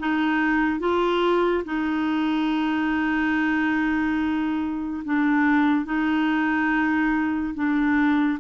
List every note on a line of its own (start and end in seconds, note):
0.00 0.80 D#4
0.80 1.64 F4
1.65 5.03 D#4
5.05 5.85 D4
5.85 7.54 D#4
7.54 8.39 D4